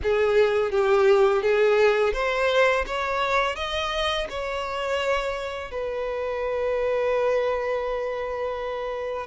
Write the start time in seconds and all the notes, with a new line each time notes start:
0.02 G#4
0.71 G4
1.42 G#4
2.13 C5
2.86 C#5
3.55 D#5
4.29 C#5
5.71 B4